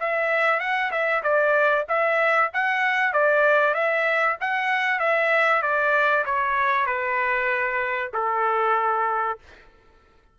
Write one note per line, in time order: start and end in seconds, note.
0.00 0.60 E5
0.60 0.91 F#5
0.91 1.23 E5
1.23 1.86 D5
1.89 2.51 E5
2.53 3.13 F#5
3.13 3.74 D5
3.74 4.37 E5
4.41 5.00 F#5
5.00 5.62 E5
5.62 6.25 D5
6.26 6.86 C#5
6.86 8.11 B4
8.14 9.39 A4